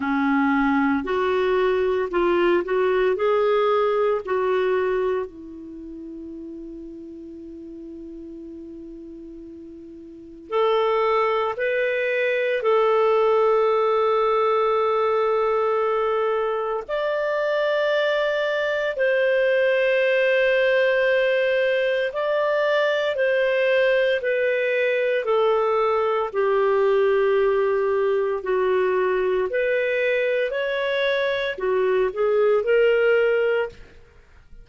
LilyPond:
\new Staff \with { instrumentName = "clarinet" } { \time 4/4 \tempo 4 = 57 cis'4 fis'4 f'8 fis'8 gis'4 | fis'4 e'2.~ | e'2 a'4 b'4 | a'1 |
d''2 c''2~ | c''4 d''4 c''4 b'4 | a'4 g'2 fis'4 | b'4 cis''4 fis'8 gis'8 ais'4 | }